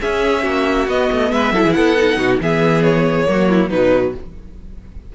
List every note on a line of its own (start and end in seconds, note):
0.00 0.87 C#4
0.00 0.45 C#4
0.00 0.43 G#4
0.00 0.89 E5
0.43 0.88 A#3
0.43 1.30 F#4
0.88 1.09 B3
0.88 1.54 B3
0.88 1.32 D#5
1.12 1.32 A3
1.32 1.52 G#3
1.32 1.53 B4
1.32 1.73 E5
1.52 1.63 F#3
1.52 1.96 E4
1.52 1.63 A4
1.63 1.76 E3
1.63 1.74 G#4
1.73 2.17 B3
1.73 2.18 A4
1.73 2.38 F#5
1.96 2.40 D#4
2.17 2.39 B2
2.17 2.40 F#4
2.41 3.28 E3
2.41 3.26 B3
2.41 3.29 G#4
2.41 2.83 E5
2.83 3.70 C#5
3.26 3.71 F#3
3.26 3.70 A#3
3.33 3.49 F#4
3.49 3.70 E4
3.70 4.14 B2
3.70 4.15 F#3
3.70 4.13 D#4
3.70 4.13 B4